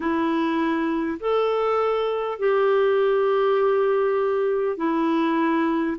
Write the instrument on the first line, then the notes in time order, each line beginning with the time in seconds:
clarinet
0.00 E4
1.19 A4
2.38 G4
4.77 E4